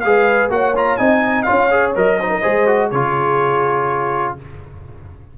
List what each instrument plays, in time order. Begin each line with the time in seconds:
0.00 tuba G#3, trombone G#4, horn B4, trumpet F5
0.49 tuba A#3, trombone F#4, horn C#5, trumpet F#5
0.75 trombone F4, trumpet A#5
0.96 tuba C4, trombone D#4, horn D#5, trumpet G#5
1.42 trombone F4, horn C#5, trumpet F5
1.50 tuba C#4
1.70 trombone G#4
1.95 tuba F#3, trombone A#4, trumpet D#5
2.19 trombone D#4, horn C5
2.29 horn A#4
2.41 tuba G#3, trombone G#4, horn C5
2.66 trombone F#4
2.90 tuba C#3, trombone F4, horn G#4, trumpet C#5